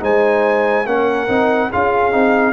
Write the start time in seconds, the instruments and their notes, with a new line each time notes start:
0.00 tuba G#3, trombone D#4, horn C5, trumpet G#5
0.85 tuba A#3, trombone C#4, horn A#4, trumpet F#5
1.28 tuba C4, trombone D#4
1.69 tuba C#4, trombone F4, horn G#4, trumpet F5
2.11 tuba C4, trombone D#4